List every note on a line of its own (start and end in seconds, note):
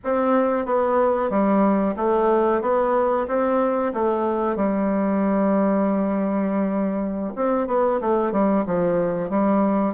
0.04 0.65 C4
0.65 1.30 B3
1.30 1.95 G3
1.96 2.61 A3
2.61 3.26 B3
3.27 3.92 C4
3.93 4.55 A3
4.55 7.33 G3
7.35 7.67 C4
7.67 8.00 B3
8.00 8.32 A3
8.32 8.64 G3
8.66 9.29 F3
9.29 9.94 G3